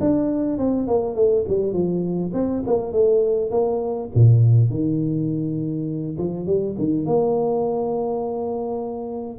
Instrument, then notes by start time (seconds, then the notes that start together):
tuba
0.00 D4
0.58 C4
0.87 A#3
1.15 A3
1.48 G3
1.73 F3
2.33 C4
2.66 A#3
2.92 A3
3.50 A#3
4.14 A#2
4.70 D#3
6.18 F3
6.46 G3
6.78 D#3
7.05 A#3